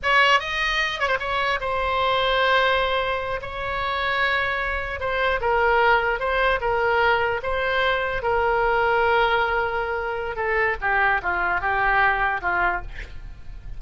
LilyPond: \new Staff \with { instrumentName = "oboe" } { \time 4/4 \tempo 4 = 150 cis''4 dis''4. cis''16 c''16 cis''4 | c''1~ | c''8 cis''2.~ cis''8~ | cis''8 c''4 ais'2 c''8~ |
c''8 ais'2 c''4.~ | c''8 ais'2.~ ais'8~ | ais'2 a'4 g'4 | f'4 g'2 f'4 | }